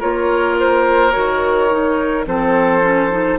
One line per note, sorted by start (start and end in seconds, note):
0.00 1.16 A#3
0.00 1.12 F4
0.00 2.26 A#4
0.00 0.58 C#5
0.60 1.12 C5
1.12 2.27 D#3
1.12 1.68 F#4
1.12 2.25 C#5
1.71 2.26 D#4
2.26 3.39 F3
2.26 2.82 C4
2.26 3.39 A4
2.26 3.39 C5
2.82 3.10 C#4
3.11 3.39 D#4